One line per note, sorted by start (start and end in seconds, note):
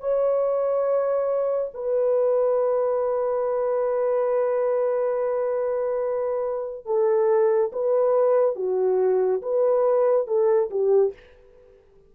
0.00 1.71 C#5
1.74 6.86 B4
6.86 7.71 A4
7.73 8.56 B4
8.56 9.42 F#4
9.42 10.27 B4
10.27 10.70 A4
10.71 11.14 G4